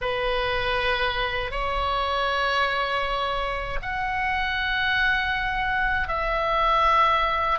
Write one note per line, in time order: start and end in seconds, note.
0.01 1.51 B4
1.51 3.79 C#5
3.82 6.08 F#5
6.08 7.58 E5